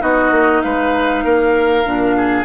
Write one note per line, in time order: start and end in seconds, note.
0.00 0.32 B3
0.00 1.84 D#4
0.00 0.63 F#4
0.00 0.62 D#5
0.32 0.62 A#3
0.62 1.24 G#3
0.62 1.25 B4
0.62 2.45 F5
1.24 1.85 A#3
1.24 2.17 A#4
1.85 2.45 A#2
1.85 2.45 D4
2.17 2.45 G#4